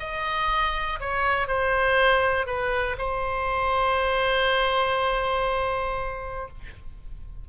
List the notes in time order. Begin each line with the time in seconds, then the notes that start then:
0.00 D#5
1.00 C#5
1.48 C5
2.47 B4
2.98 C5